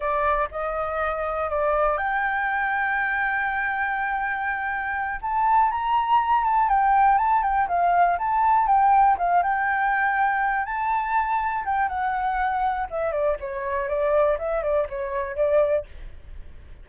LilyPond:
\new Staff \with { instrumentName = "flute" } { \time 4/4 \tempo 4 = 121 d''4 dis''2 d''4 | g''1~ | g''2~ g''8 a''4 ais''8~ | ais''4 a''8 g''4 a''8 g''8 f''8~ |
f''8 a''4 g''4 f''8 g''4~ | g''4. a''2 g''8 | fis''2 e''8 d''8 cis''4 | d''4 e''8 d''8 cis''4 d''4 | }